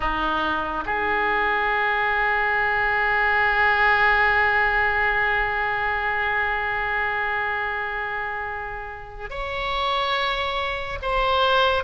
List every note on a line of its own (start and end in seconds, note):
0.00 0.84 D#4
0.85 9.30 G#4
9.30 10.99 C#5
11.01 11.83 C5